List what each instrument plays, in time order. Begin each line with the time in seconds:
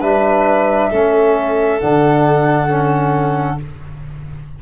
0.00 tuba G3, trombone D4, violin B4, flute E5
0.90 tuba A3, trombone C#4, violin A4
1.80 tuba D3, trombone D4, flute F#5
2.68 trombone C#4